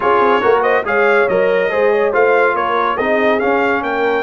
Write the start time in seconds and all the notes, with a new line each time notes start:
0.00 C#4 F4 G#4 C#5
0.19 C4
0.41 A#3 F#4 A#4
0.62 C5 D#5
0.83 G#3 G#4 C#5 F5
1.28 F#3 A#4 D#5
1.70 G#3 G#4 C5
1.91 C#5
2.12 A3 F4 C5 F5
2.54 A#3 A#4 C#5
2.96 C4 D#4 G#4 D#5
3.39 C#4 F5
3.82 A#3 A#4 G5